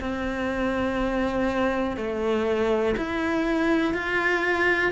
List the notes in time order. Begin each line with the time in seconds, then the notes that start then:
0.00 C4
1.97 A3
2.97 E4
3.94 F4